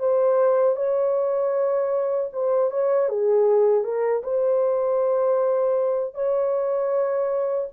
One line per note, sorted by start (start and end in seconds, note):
0.00 0.77 C5
0.77 2.30 C#5
2.33 2.71 C5
2.71 3.09 C#5
3.09 3.85 G#4
3.85 4.23 A#4
4.24 6.15 C5
6.15 7.69 C#5